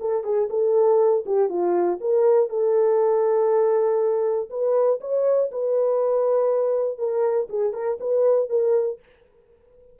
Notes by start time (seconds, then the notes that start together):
0.00 A4
0.24 G#4
0.50 A4
1.26 G4
1.49 F4
2.01 A#4
2.49 A4
4.50 B4
5.01 C#5
5.52 B4
6.98 A#4
7.49 G#4
7.73 A#4
8.00 B4
8.49 A#4